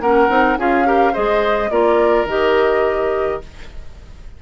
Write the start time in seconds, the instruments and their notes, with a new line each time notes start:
0.00 bassoon A#3, clarinet C#4, oboe A#4, flute F#5
0.29 bassoon C4, clarinet D#4
0.57 bassoon C#4, clarinet F4, oboe G#4, flute F5
0.85 clarinet G4, oboe A#4
1.13 bassoon G#3, clarinet G#4, oboe C5, flute D#5
1.70 bassoon A#3, clarinet F4, oboe A#4, flute D5
2.25 bassoon D#3, clarinet G4, flute D#5